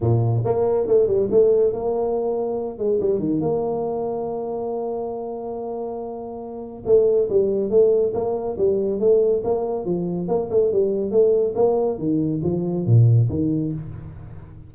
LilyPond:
\new Staff \with { instrumentName = "tuba" } { \time 4/4 \tempo 4 = 140 ais,4 ais4 a8 g8 a4 | ais2~ ais8 gis8 g8 dis8 | ais1~ | ais1 |
a4 g4 a4 ais4 | g4 a4 ais4 f4 | ais8 a8 g4 a4 ais4 | dis4 f4 ais,4 dis4 | }